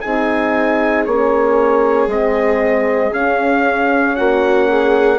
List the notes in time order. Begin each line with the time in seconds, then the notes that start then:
0.00 C4 D#4 G#4 G#5
1.05 A#3 C#4 C#5
2.06 G#3 C4 D#5
3.11 C#4 F5
4.16 A#3 F#4 F#5
4.69 G#4